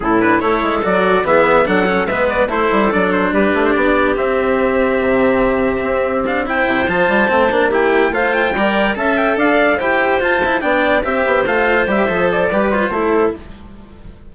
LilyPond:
<<
  \new Staff \with { instrumentName = "trumpet" } { \time 4/4 \tempo 4 = 144 a'8 b'8 cis''4 d''4 e''4 | fis''4 e''8 d''8 c''4 d''8 c''8 | b'8. c''16 d''4 e''2~ | e''2. f''8 g''8~ |
g''8 a''2 g''4 f''8 | g''4. a''8 g''8 f''4 g''8~ | g''8 a''4 g''4 e''4 f''8~ | f''8 e''4 d''4 c''4. | }
  \new Staff \with { instrumentName = "clarinet" } { \time 4/4 e'4 a'2 gis'4 | a'4 b'4 a'2 | g'1~ | g'2.~ g'8 c''8~ |
c''2~ c''8 g'4 c''8~ | c''8 d''4 e''4 d''4 c''8~ | c''4. d''4 c''4.~ | c''2 b'4 a'4 | }
  \new Staff \with { instrumentName = "cello" } { \time 4/4 cis'8 d'8 e'4 fis'4 b4 | d'8 cis'8 b4 e'4 d'4~ | d'2 c'2~ | c'2. d'8 e'8~ |
e'8 f'4 c'8 d'8 e'4 f'8~ | f'8 ais'4 a'2 g'8~ | g'8 f'8 e'8 d'4 g'4 f'8~ | f'8 g'8 a'4 g'8 f'8 e'4 | }
  \new Staff \with { instrumentName = "bassoon" } { \time 4/4 a,4 a8 gis8 fis4 e4 | fis4 gis4 a8 g8 fis4 | g8 a8 b4 c'2 | c2 c'2 |
c8 f8 g8 a8 ais4. a8~ | a8 g4 cis'4 d'4 e'8~ | e'8 f'4 b4 c'8 b8 a8~ | a8 g8 f4 g4 a4 | }
>>